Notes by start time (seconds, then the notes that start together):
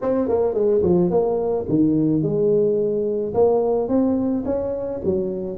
0.02 C4
0.28 A#3
0.54 G#3
0.82 F3
1.10 A#3
1.68 D#3
2.22 G#3
3.34 A#3
3.88 C4
4.45 C#4
5.04 F#3